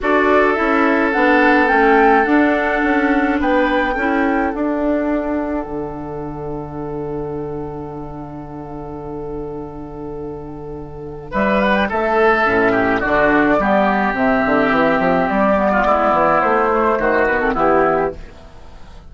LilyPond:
<<
  \new Staff \with { instrumentName = "flute" } { \time 4/4 \tempo 4 = 106 d''4 e''4 fis''4 g''4 | fis''2 g''2 | fis''1~ | fis''1~ |
fis''1 | e''8 fis''16 g''16 e''2 d''4~ | d''4 e''2 d''4~ | d''4 c''4. b'16 a'16 g'4 | }
  \new Staff \with { instrumentName = "oboe" } { \time 4/4 a'1~ | a'2 b'4 a'4~ | a'1~ | a'1~ |
a'1 | b'4 a'4. g'8 fis'4 | g'2.~ g'8. f'16 | e'2 fis'4 e'4 | }
  \new Staff \with { instrumentName = "clarinet" } { \time 4/4 fis'4 e'4 d'4 cis'4 | d'2. e'4 | d'1~ | d'1~ |
d'1~ | d'2 cis'4 d'4 | b4 c'2~ c'8 b8~ | b4. a4 b16 c'16 b4 | }
  \new Staff \with { instrumentName = "bassoon" } { \time 4/4 d'4 cis'4 b4 a4 | d'4 cis'4 b4 cis'4 | d'2 d2~ | d1~ |
d1 | g4 a4 a,4 d4 | g4 c8 d8 e8 f8 g4 | gis8 e8 a4 dis4 e4 | }
>>